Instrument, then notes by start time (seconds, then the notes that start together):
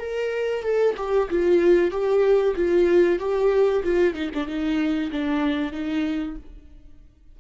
viola
0.00 A#4
0.63 A4
0.97 G4
1.31 F4
1.91 G4
2.56 F4
3.19 G4
3.84 F4
4.15 D#4
4.34 D4
4.47 D#4
5.12 D4
5.72 D#4